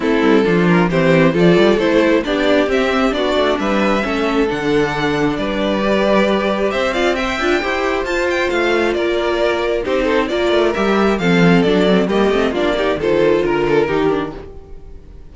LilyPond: <<
  \new Staff \with { instrumentName = "violin" } { \time 4/4 \tempo 4 = 134 a'4. ais'8 c''4 d''4 | c''4 d''4 e''4 d''4 | e''2 fis''2 | d''2. e''8 f''8 |
g''2 a''8 g''8 f''4 | d''2 c''4 d''4 | e''4 f''4 d''4 dis''4 | d''4 c''4 ais'2 | }
  \new Staff \with { instrumentName = "violin" } { \time 4/4 e'4 f'4 g'4 a'4~ | a'4 g'2 fis'4 | b'4 a'2. | b'2. c''8 d''8 |
e''4 c''2. | ais'2 g'8 a'8 ais'4~ | ais'4 a'2 g'4 | f'8 g'8 a'4 ais'8 a'8 g'4 | }
  \new Staff \with { instrumentName = "viola" } { \time 4/4 c'4 d'4 c'4 f'4 | e'4 d'4 c'4 d'4~ | d'4 cis'4 d'2~ | d'4 g'2~ g'8 f'8 |
c''8 f'8 g'4 f'2~ | f'2 dis'4 f'4 | g'4 c'4 d'8 c'8 ais8 c'8 | d'8 dis'8 f'2 dis'8 d'8 | }
  \new Staff \with { instrumentName = "cello" } { \time 4/4 a8 g8 f4 e4 f8 g8 | a4 b4 c'4 b8 a8 | g4 a4 d2 | g2. c'4~ |
c'8 d'8 e'4 f'4 a4 | ais2 c'4 ais8 a8 | g4 f4 fis4 g8 a8 | ais4 dis4 d4 dis4 | }
>>